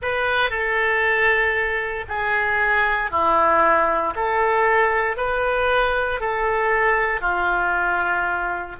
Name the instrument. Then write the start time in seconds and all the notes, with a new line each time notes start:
oboe
0.02 B4
0.50 A4
2.08 G#4
3.10 E4
4.15 A4
5.16 B4
6.20 A4
7.20 F4